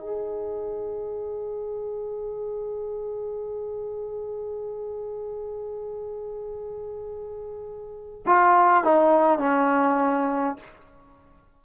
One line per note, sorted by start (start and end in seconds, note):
0.00 8.24 G#4
8.26 8.85 F4
8.85 9.39 D#4
9.39 10.57 C#4